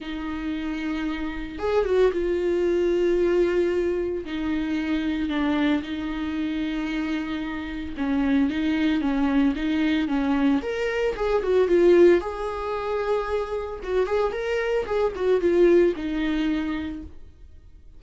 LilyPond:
\new Staff \with { instrumentName = "viola" } { \time 4/4 \tempo 4 = 113 dis'2. gis'8 fis'8 | f'1 | dis'2 d'4 dis'4~ | dis'2. cis'4 |
dis'4 cis'4 dis'4 cis'4 | ais'4 gis'8 fis'8 f'4 gis'4~ | gis'2 fis'8 gis'8 ais'4 | gis'8 fis'8 f'4 dis'2 | }